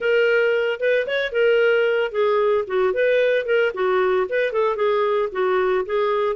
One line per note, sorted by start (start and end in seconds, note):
0.00 0.80 A#4
0.80 1.06 B4
1.06 1.32 C#5
1.32 2.11 A#4
2.11 2.65 G#4
2.67 2.93 F#4
2.93 3.45 B4
3.45 3.72 A#4
3.74 4.27 F#4
4.29 4.52 B4
4.52 4.76 A4
4.76 5.29 G#4
5.32 5.85 F#4
5.85 6.36 G#4